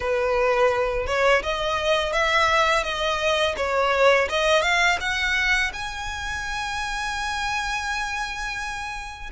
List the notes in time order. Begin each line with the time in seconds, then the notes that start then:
0.00 B4
1.06 C#5
1.43 D#5
2.12 E5
2.83 D#5
3.56 C#5
4.29 D#5
4.62 F5
5.00 F#5
5.73 G#5